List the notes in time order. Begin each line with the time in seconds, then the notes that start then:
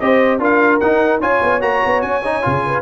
0.00 C4 G4 C5 D#5
0.39 D4 F4 A#4 F5
0.80 D#4 F#5
1.20 C#4 F4 C#5 G#5
1.43 B3
1.61 A#3 F#4 A#5
1.86 B3
2.02 C#4 G#5
2.25 D#4
2.42 C#3 F4
2.66 B4